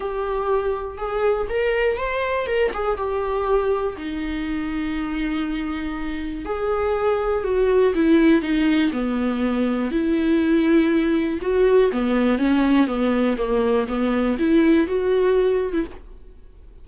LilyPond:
\new Staff \with { instrumentName = "viola" } { \time 4/4 \tempo 4 = 121 g'2 gis'4 ais'4 | c''4 ais'8 gis'8 g'2 | dis'1~ | dis'4 gis'2 fis'4 |
e'4 dis'4 b2 | e'2. fis'4 | b4 cis'4 b4 ais4 | b4 e'4 fis'4.~ fis'16 e'16 | }